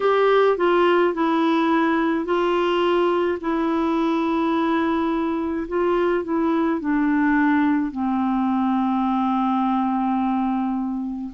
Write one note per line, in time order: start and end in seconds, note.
0.00 0.57 G4
0.57 1.13 F4
1.13 2.25 E4
2.25 3.38 F4
3.40 5.67 E4
5.68 6.24 F4
6.24 6.80 E4
6.80 7.91 D4
7.91 11.31 C4